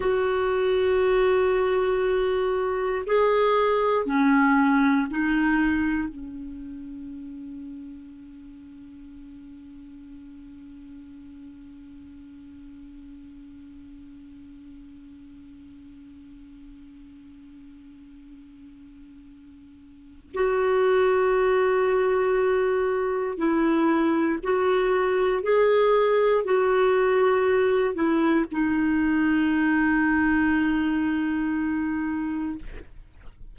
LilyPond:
\new Staff \with { instrumentName = "clarinet" } { \time 4/4 \tempo 4 = 59 fis'2. gis'4 | cis'4 dis'4 cis'2~ | cis'1~ | cis'1~ |
cis'1 | fis'2. e'4 | fis'4 gis'4 fis'4. e'8 | dis'1 | }